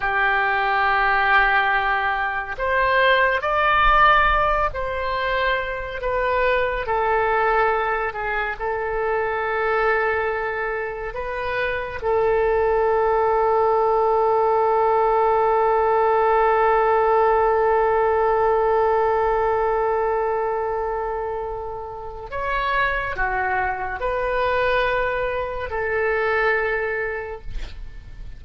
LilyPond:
\new Staff \with { instrumentName = "oboe" } { \time 4/4 \tempo 4 = 70 g'2. c''4 | d''4. c''4. b'4 | a'4. gis'8 a'2~ | a'4 b'4 a'2~ |
a'1~ | a'1~ | a'2 cis''4 fis'4 | b'2 a'2 | }